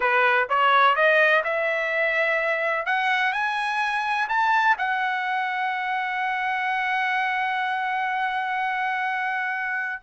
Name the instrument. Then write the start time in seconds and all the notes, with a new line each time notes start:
trumpet
0.00 B4
0.49 C#5
0.95 D#5
1.44 E5
2.85 F#5
3.32 G#5
4.28 A5
4.78 F#5